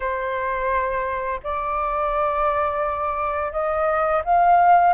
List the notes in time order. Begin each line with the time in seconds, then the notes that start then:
0.00 C5
1.43 D5
3.51 D#5
4.24 F5